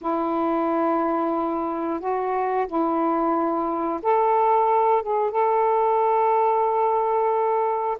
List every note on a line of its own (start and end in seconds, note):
0.01 2.00 E4
2.00 2.66 F#4
2.67 4.00 E4
4.02 5.02 A4
5.02 5.31 G#4
5.31 7.97 A4